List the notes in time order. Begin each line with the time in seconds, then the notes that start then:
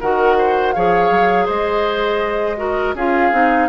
0.00 D#3 F#4 A#4 F#5
0.38 C5
0.72 F3 G#4 C#5 F5
1.10 F#3
1.45 G#3 C5 D#5
2.57 F#4 A#4
2.94 C#4 F4 G#4 F5
3.31 C4 D#4